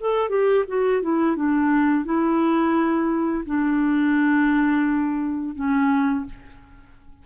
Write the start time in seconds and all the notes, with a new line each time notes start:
0.00 A4
0.29 G4
0.68 F#4
1.02 E4
1.36 D4
2.05 E4
3.46 D4
5.55 C#4